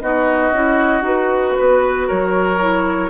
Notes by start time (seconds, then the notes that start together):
0.00 B3 D#4 F#4 D#5
0.53 C#4 E4
1.02 D#4 F#4 B4
1.59 B3 B4
2.08 F#3 A#4 C#5
2.60 E4